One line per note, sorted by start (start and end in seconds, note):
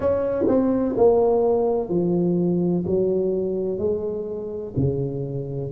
0.00 0.45 C#4
0.47 0.95 C4
0.97 1.89 A#3
1.89 2.84 F3
2.86 3.78 F#3
3.78 4.73 G#3
4.76 5.71 C#3